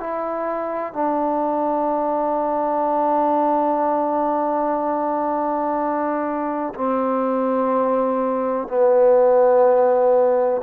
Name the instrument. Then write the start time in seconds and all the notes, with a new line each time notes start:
trombone
0.00 E4
0.94 D4
6.75 C4
8.68 B3